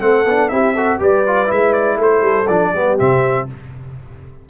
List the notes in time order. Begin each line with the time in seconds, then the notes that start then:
0.00 A3 C4 A4 F#5
0.26 B3 D4
0.48 C4 E4 G4 E5
0.74 F#4 A4
0.99 G3 G4 B4 D5
1.27 F4
1.46 G#3 E4 E5
1.73 D5
1.97 A3 A4 C5
2.21 G3
2.47 F3 D4 D5
2.72 G3 B3 G4
2.98 C3 C4 E5